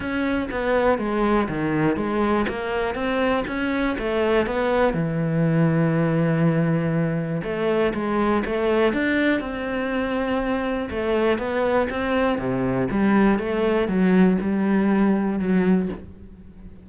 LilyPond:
\new Staff \with { instrumentName = "cello" } { \time 4/4 \tempo 4 = 121 cis'4 b4 gis4 dis4 | gis4 ais4 c'4 cis'4 | a4 b4 e2~ | e2. a4 |
gis4 a4 d'4 c'4~ | c'2 a4 b4 | c'4 c4 g4 a4 | fis4 g2 fis4 | }